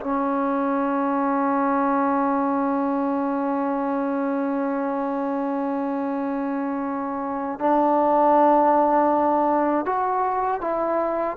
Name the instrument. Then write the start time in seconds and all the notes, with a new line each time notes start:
trombone
0.00 C#4
7.59 D4
9.85 F#4
10.61 E4